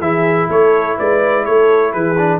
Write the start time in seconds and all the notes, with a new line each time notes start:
0.00 E3 E4 G#4 E5
0.49 A3 A4 C#5
0.98 G#3 B4 D5
1.45 A3 A4 C#5
1.93 E3 G#4 B4
2.18 D4